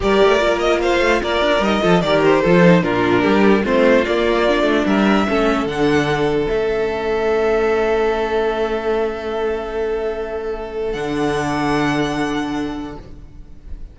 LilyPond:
<<
  \new Staff \with { instrumentName = "violin" } { \time 4/4 \tempo 4 = 148 d''4. dis''8 f''4 d''4 | dis''4 d''8 c''4. ais'4~ | ais'4 c''4 d''2 | e''2 fis''2 |
e''1~ | e''1~ | e''2. fis''4~ | fis''1 | }
  \new Staff \with { instrumentName = "violin" } { \time 4/4 ais'2 c''4 ais'4~ | ais'8 a'8 ais'4 a'4 f'4 | g'4 f'2. | ais'4 a'2.~ |
a'1~ | a'1~ | a'1~ | a'1 | }
  \new Staff \with { instrumentName = "viola" } { \time 4/4 g'4 f'2. | dis'8 f'8 g'4 f'8 dis'8 d'4~ | d'4 c'4 ais4 d'4~ | d'4 cis'4 d'2 |
cis'1~ | cis'1~ | cis'2. d'4~ | d'1 | }
  \new Staff \with { instrumentName = "cello" } { \time 4/4 g8 a8 ais4. a8 ais8 d'8 | g8 f8 dis4 f4 ais,4 | g4 a4 ais4. a8 | g4 a4 d2 |
a1~ | a1~ | a2. d4~ | d1 | }
>>